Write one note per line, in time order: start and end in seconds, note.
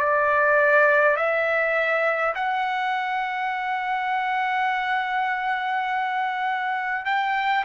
0.00 1.17 D5
1.17 2.34 E5
2.35 7.06 F#5
7.06 7.65 G5